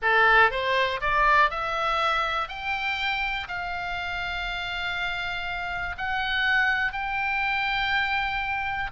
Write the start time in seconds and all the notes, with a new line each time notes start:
0.02 A4
0.50 C5
1.01 D5
1.50 E5
2.48 G5
3.48 F5
5.97 F#5
6.92 G5